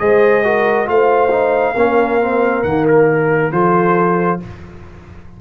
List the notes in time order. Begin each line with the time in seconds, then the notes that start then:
0.00 G#3 G#4 C5 D#5
0.44 F#4 A#4
0.85 A3 F4 C5 F5
1.31 D#4
1.75 A#3 C#4 A#4
2.21 C4
2.64 D#3 A#3 F#5
2.88 A#4
3.52 F3 F4 A4 C5